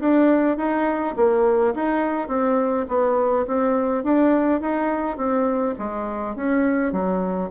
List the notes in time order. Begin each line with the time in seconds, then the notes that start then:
0.00 D4
0.57 D#4
1.17 A#3
1.75 D#4
2.28 C4
2.88 B3
3.47 C4
4.04 D4
4.61 D#4
5.17 C4
5.78 G#3
6.36 C#4
6.93 F#3